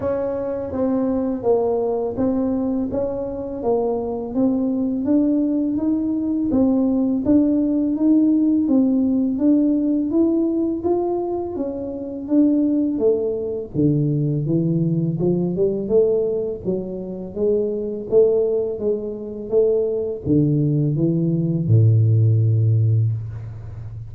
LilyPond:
\new Staff \with { instrumentName = "tuba" } { \time 4/4 \tempo 4 = 83 cis'4 c'4 ais4 c'4 | cis'4 ais4 c'4 d'4 | dis'4 c'4 d'4 dis'4 | c'4 d'4 e'4 f'4 |
cis'4 d'4 a4 d4 | e4 f8 g8 a4 fis4 | gis4 a4 gis4 a4 | d4 e4 a,2 | }